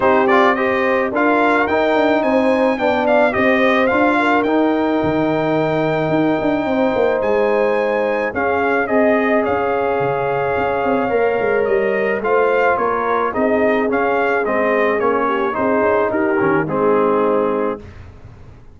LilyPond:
<<
  \new Staff \with { instrumentName = "trumpet" } { \time 4/4 \tempo 4 = 108 c''8 d''8 dis''4 f''4 g''4 | gis''4 g''8 f''8 dis''4 f''4 | g''1~ | g''4 gis''2 f''4 |
dis''4 f''2.~ | f''4 dis''4 f''4 cis''4 | dis''4 f''4 dis''4 cis''4 | c''4 ais'4 gis'2 | }
  \new Staff \with { instrumentName = "horn" } { \time 4/4 g'4 c''4 ais'2 | c''4 d''4 c''4. ais'8~ | ais'1 | c''2. gis'4 |
dis''4 cis''2.~ | cis''2 c''4 ais'4 | gis'2.~ gis'8 g'8 | gis'4 g'4 dis'2 | }
  \new Staff \with { instrumentName = "trombone" } { \time 4/4 dis'8 f'8 g'4 f'4 dis'4~ | dis'4 d'4 g'4 f'4 | dis'1~ | dis'2. cis'4 |
gis'1 | ais'2 f'2 | dis'4 cis'4 c'4 cis'4 | dis'4. cis'8 c'2 | }
  \new Staff \with { instrumentName = "tuba" } { \time 4/4 c'2 d'4 dis'8 d'8 | c'4 b4 c'4 d'4 | dis'4 dis2 dis'8 d'8 | c'8 ais8 gis2 cis'4 |
c'4 cis'4 cis4 cis'8 c'8 | ais8 gis8 g4 a4 ais4 | c'4 cis'4 gis4 ais4 | c'8 cis'8 dis'8 dis8 gis2 | }
>>